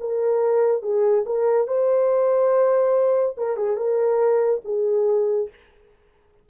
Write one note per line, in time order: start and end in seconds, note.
0.00 0.82 A#4
0.82 1.24 G#4
1.25 1.67 A#4
1.67 3.36 C5
3.37 3.56 A#4
3.56 3.76 G#4
3.76 4.61 A#4
4.64 5.49 G#4